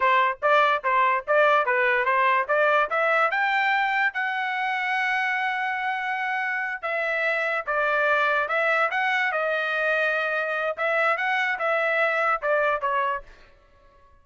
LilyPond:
\new Staff \with { instrumentName = "trumpet" } { \time 4/4 \tempo 4 = 145 c''4 d''4 c''4 d''4 | b'4 c''4 d''4 e''4 | g''2 fis''2~ | fis''1~ |
fis''8 e''2 d''4.~ | d''8 e''4 fis''4 dis''4.~ | dis''2 e''4 fis''4 | e''2 d''4 cis''4 | }